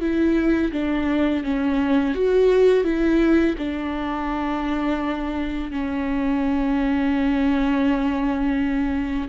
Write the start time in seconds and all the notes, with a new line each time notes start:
0.00 E4
0.72 D4
1.44 C#4
2.14 F#4
2.84 E4
3.58 D4
5.71 C#4